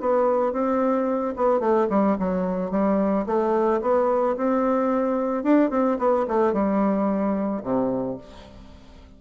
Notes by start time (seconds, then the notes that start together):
0.00 B3
0.52 C4
1.36 B3
1.60 A3
1.90 G3
2.19 F#3
2.71 G3
3.26 A3
3.81 B3
4.36 C4
5.43 D4
5.70 C4
5.99 B3
6.28 A3
6.53 G3
7.63 C3